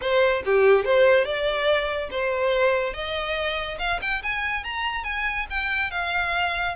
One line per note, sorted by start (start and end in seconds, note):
0.01 0.43 C5
0.45 0.85 G4
0.85 1.24 C5
1.24 2.09 D5
2.10 2.93 C5
2.93 3.78 D#5
3.79 4.00 F5
4.01 4.22 G5
4.23 4.64 G#5
4.64 5.04 A#5
5.04 5.46 G#5
5.49 5.91 G5
5.91 6.75 F5